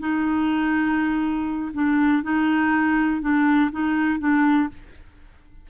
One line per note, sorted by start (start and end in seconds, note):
0.00 1.72 D#4
1.74 2.23 D4
2.23 3.22 D#4
3.22 3.71 D4
3.72 4.20 D#4
4.20 4.69 D4